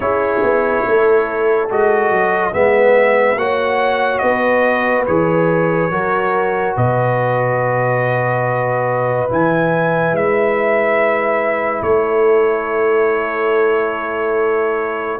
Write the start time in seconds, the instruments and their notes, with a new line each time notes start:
0.00 tuba C#4, trombone E4, horn G#4, trumpet C#5
0.42 tuba B3
0.86 tuba A3, horn A4
1.69 tuba G#3, trombone F#4, trumpet D#5
2.11 tuba F#3
2.52 tuba G#3, trombone B3, horn B4, trumpet E5
3.35 tuba A#3, trombone F#4, horn C#5, trumpet F#5
4.18 tuba B3, horn B4, trumpet D#5
5.06 tuba E3, trombone G#4, trumpet C#5
5.90 tuba F#3, trombone F#4, horn A#4
6.76 tuba B2, horn B4, trumpet D#5
9.28 tuba E3, trombone E4, trumpet G#5
10.12 tuba G#3, trumpet E5
11.82 tuba A3, horn A4, trumpet C#5